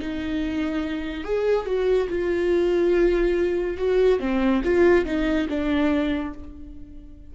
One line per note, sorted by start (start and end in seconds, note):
0.00 1.24 D#4
1.24 1.66 G#4
1.66 2.08 F#4
2.10 3.78 F4
3.78 4.20 F#4
4.20 4.62 C4
4.64 5.06 F4
5.06 5.48 D#4
5.49 6.34 D4